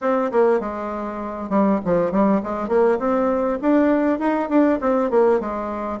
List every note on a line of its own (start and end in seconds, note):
0.01 0.31 C4
0.31 0.59 A#3
0.59 1.49 G#3
1.49 1.79 G3
1.84 2.11 F3
2.11 2.41 G3
2.43 2.68 G#3
2.68 2.98 A#3
2.98 3.58 C4
3.61 4.19 D4
4.19 4.49 D#4
4.49 4.79 D4
4.81 5.10 C4
5.10 5.40 A#3
5.40 6.00 G#3